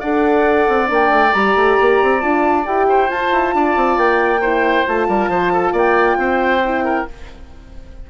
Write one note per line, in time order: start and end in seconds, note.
0.00 0.69 D4
0.00 0.87 A4
0.00 2.87 D5
0.00 0.88 F#5
0.69 0.90 C4
0.87 1.10 A#3
0.87 1.31 D4
0.94 1.33 G5
1.10 1.32 A3
1.33 1.56 G3
1.33 2.21 G4
1.33 2.21 A#5
1.56 1.78 A3
1.81 2.03 A#3
2.03 2.24 C4
2.21 2.67 D4
2.21 2.65 F4
2.21 2.65 A5
2.66 3.10 E4
2.66 3.08 G4
2.66 3.10 G5
2.89 3.55 C5
3.08 4.40 F4
3.08 3.32 F4
3.08 3.99 A5
3.32 3.55 E4
3.55 3.77 D4
3.55 4.41 D5
3.77 3.98 C4
3.98 4.86 A#3
3.98 4.87 G5
4.41 4.87 E4
4.41 5.07 C5
4.87 5.08 A3
4.87 6.63 F4
4.87 5.76 A5
5.08 5.28 G3
5.08 5.31 A#4
5.28 5.73 F3
5.28 5.53 C5
5.53 5.73 A4
5.73 6.17 A#3
5.73 6.17 D5
5.73 7.10 G5
6.18 7.06 C4
6.18 6.85 C5
6.65 7.09 E4
6.85 7.07 A#4